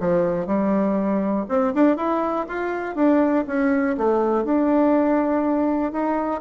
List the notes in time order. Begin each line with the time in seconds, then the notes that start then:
0.00 F3
0.46 G3
1.49 C4
1.74 D4
1.96 E4
2.48 F4
2.95 D4
3.47 C#4
3.97 A3
4.44 D4
5.92 D#4